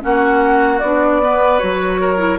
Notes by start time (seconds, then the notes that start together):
0.00 A#3 C#4 F#4 F#5
0.79 B3 D4 D5
1.22 B3 B4
1.58 F#3 F#4 C#5
2.01 A#4
2.17 E4